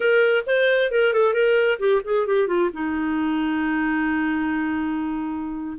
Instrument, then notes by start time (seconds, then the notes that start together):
clarinet
0.00 A#4
0.46 C5
0.91 A#4
1.13 A4
1.33 A#4
1.79 G4
2.04 G#4
2.26 G4
2.47 F4
2.73 D#4